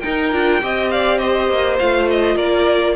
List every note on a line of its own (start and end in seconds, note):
0.00 0.33 D#4
0.00 0.32 D#4
0.00 0.62 A#4
0.00 0.88 G5
0.32 0.62 D4
0.32 0.61 F4
0.61 1.49 C4
0.61 1.79 G4
0.61 0.93 D#5
0.91 1.21 D5
0.91 1.18 F5
1.18 2.36 C5
1.18 1.77 D#5
1.49 1.79 A#3
1.79 2.36 A3
1.79 2.96 F4
1.79 2.08 F5
2.10 2.37 D#5
2.36 2.95 A#3
2.36 2.95 A#4
2.36 2.96 D5